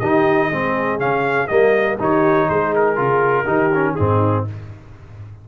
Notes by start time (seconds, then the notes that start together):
0.00 D#3 D#4 G4 D#5
0.48 G#3 C4 G#4
0.99 C#3 C#4 F5
1.47 G3 A#3 A#4 D#5
2.00 D#3 D#4 G4 C#5
2.49 G#3 G#4 C5
2.75 A#4
2.96 C#3 F4
3.44 D#3 D#4 G4
3.74 C#4
3.95 G#2 C4 D#4 G#4